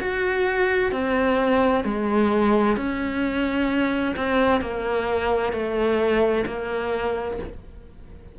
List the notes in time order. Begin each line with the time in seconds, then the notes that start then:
0.00 F#4
0.92 C4
1.84 G#3
2.77 C#4
4.16 C4
4.61 A#3
5.53 A3
6.46 A#3